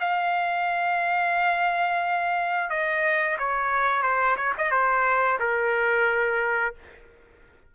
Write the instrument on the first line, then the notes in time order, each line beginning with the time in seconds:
trumpet
0.00 F5
2.70 D#5
3.38 C#5
4.02 C5
4.36 C#5
4.58 D#5
4.71 C5
5.39 A#4